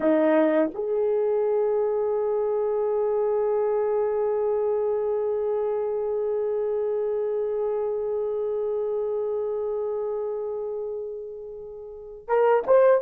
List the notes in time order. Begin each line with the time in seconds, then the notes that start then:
0.00 D#4
0.74 G#4
12.27 A#4
12.67 C5